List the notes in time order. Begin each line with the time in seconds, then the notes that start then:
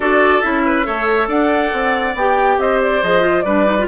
0.00 D4 F#4 A4 D5
0.41 C#4 E4 E5
0.65 B4
0.83 A3 A4 C#5
1.27 D4 D5 F#5
1.72 C4
2.14 B3 G4 G5
2.57 C4 C5 D#5
2.81 D5
3.02 F3 G#4 D#5
3.21 F4
3.41 G3 D4 B4 D5
3.65 D#4
3.78 F4